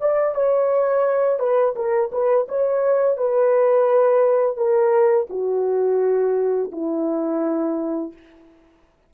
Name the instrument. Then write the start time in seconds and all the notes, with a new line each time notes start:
horn
0.00 D5
0.34 C#5
1.39 B4
1.75 A#4
2.12 B4
2.48 C#5
3.17 B4
4.56 A#4
5.29 F#4
6.72 E4